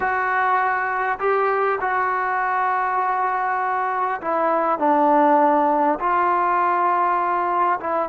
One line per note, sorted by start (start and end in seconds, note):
0.00 1.18 F#4
1.19 1.79 G4
1.80 4.20 F#4
4.21 4.78 E4
4.78 5.98 D4
5.99 7.79 F4
7.80 8.09 E4